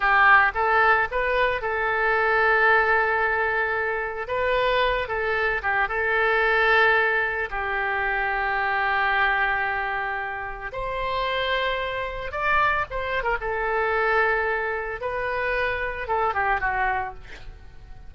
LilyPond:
\new Staff \with { instrumentName = "oboe" } { \time 4/4 \tempo 4 = 112 g'4 a'4 b'4 a'4~ | a'1 | b'4. a'4 g'8 a'4~ | a'2 g'2~ |
g'1 | c''2. d''4 | c''8. ais'16 a'2. | b'2 a'8 g'8 fis'4 | }